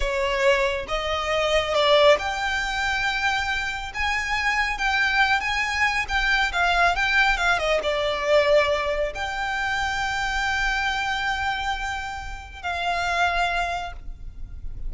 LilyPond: \new Staff \with { instrumentName = "violin" } { \time 4/4 \tempo 4 = 138 cis''2 dis''2 | d''4 g''2.~ | g''4 gis''2 g''4~ | g''8 gis''4. g''4 f''4 |
g''4 f''8 dis''8 d''2~ | d''4 g''2.~ | g''1~ | g''4 f''2. | }